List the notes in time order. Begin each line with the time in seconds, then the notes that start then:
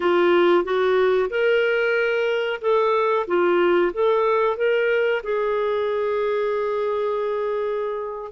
0.00 F4
0.64 F#4
1.30 A#4
2.61 A4
3.27 F4
3.93 A4
4.56 A#4
5.23 G#4